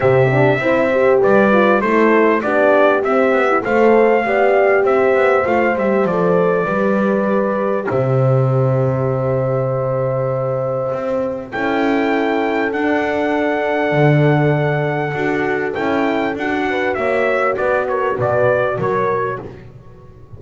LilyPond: <<
  \new Staff \with { instrumentName = "trumpet" } { \time 4/4 \tempo 4 = 99 e''2 d''4 c''4 | d''4 e''4 f''2 | e''4 f''8 e''8 d''2~ | d''4 e''2.~ |
e''2. g''4~ | g''4 fis''2.~ | fis''2 g''4 fis''4 | e''4 d''8 cis''8 d''4 cis''4 | }
  \new Staff \with { instrumentName = "horn" } { \time 4/4 g'4 c''4 b'4 a'4 | g'2 c''4 d''4 | c''2. b'4~ | b'4 c''2.~ |
c''2. a'4~ | a'1~ | a'2.~ a'8 b'8 | cis''4 b'8 ais'8 b'4 ais'4 | }
  \new Staff \with { instrumentName = "horn" } { \time 4/4 c'8 d'8 e'8 g'4 f'8 e'4 | d'4 c'8. e'16 a'4 g'4~ | g'4 f'8 g'8 a'4 g'4~ | g'1~ |
g'2. e'4~ | e'4 d'2.~ | d'4 fis'4 e'4 fis'4~ | fis'1 | }
  \new Staff \with { instrumentName = "double bass" } { \time 4/4 c4 c'4 g4 a4 | b4 c'8 b8 a4 b4 | c'8 b8 a8 g8 f4 g4~ | g4 c2.~ |
c2 c'4 cis'4~ | cis'4 d'2 d4~ | d4 d'4 cis'4 d'4 | ais4 b4 b,4 fis4 | }
>>